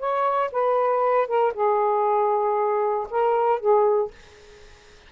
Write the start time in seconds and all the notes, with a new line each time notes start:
0.00 C#5
0.52 B4
1.28 A#4
1.54 G#4
3.11 A#4
3.60 G#4